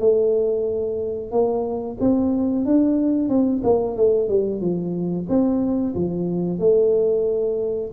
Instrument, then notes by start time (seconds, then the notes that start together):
tuba
0.00 A3
1.32 A#3
2.01 C4
2.66 D4
3.29 C4
3.64 A#3
3.97 A3
4.29 G3
4.61 F3
5.29 C4
5.96 F3
6.60 A3